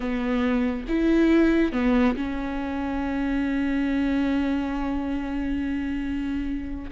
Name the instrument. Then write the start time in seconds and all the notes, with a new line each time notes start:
viola
0.00 B3
0.88 E4
1.72 B3
2.15 C#4